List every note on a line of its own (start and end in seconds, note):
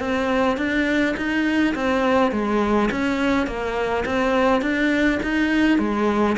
0.00 0.58 C4
0.58 1.16 D4
1.17 1.75 D#4
1.75 2.32 C4
2.32 2.90 G#3
2.92 3.47 C#4
3.47 4.05 A#3
4.06 4.62 C4
4.62 5.20 D4
5.23 5.79 D#4
5.79 6.37 G#3